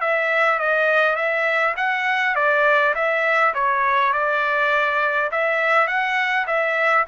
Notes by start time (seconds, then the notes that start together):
0.00 E5
0.59 D#5
1.15 E5
1.76 F#5
2.35 D5
2.94 E5
3.54 C#5
4.12 D5
5.31 E5
5.87 F#5
6.47 E5